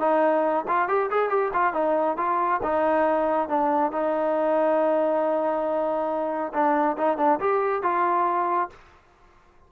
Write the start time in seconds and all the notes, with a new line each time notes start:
0.00 D#4
0.68 F4
0.88 G4
1.11 G#4
1.30 G4
1.54 F4
1.73 D#4
2.17 F4
2.63 D#4
3.48 D4
3.92 D#4
6.53 D4
6.97 D#4
7.18 D4
7.40 G4
7.83 F4